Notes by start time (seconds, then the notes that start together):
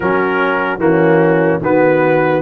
0.00 F#3 C#4 F#4 A#4
0.78 E3 A#3 C#4 F#4
1.60 D#3 B3 F#4 B4